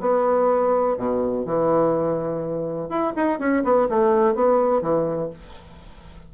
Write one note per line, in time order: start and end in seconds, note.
0.00 0.97 B3
0.97 1.45 B2
1.45 2.89 E3
2.89 3.13 E4
3.16 3.39 D#4
3.39 3.63 C#4
3.64 3.88 B3
3.89 4.34 A3
4.34 4.81 B3
4.81 5.30 E3